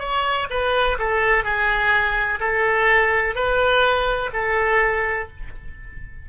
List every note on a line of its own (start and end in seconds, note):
0.00 0.48 C#5
0.50 0.98 B4
0.99 1.44 A4
1.44 2.39 G#4
2.40 3.35 A4
3.36 4.31 B4
4.34 5.29 A4